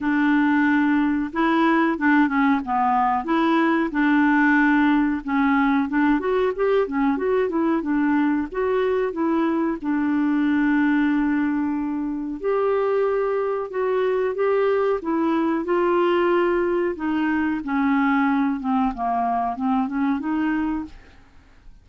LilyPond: \new Staff \with { instrumentName = "clarinet" } { \time 4/4 \tempo 4 = 92 d'2 e'4 d'8 cis'8 | b4 e'4 d'2 | cis'4 d'8 fis'8 g'8 cis'8 fis'8 e'8 | d'4 fis'4 e'4 d'4~ |
d'2. g'4~ | g'4 fis'4 g'4 e'4 | f'2 dis'4 cis'4~ | cis'8 c'8 ais4 c'8 cis'8 dis'4 | }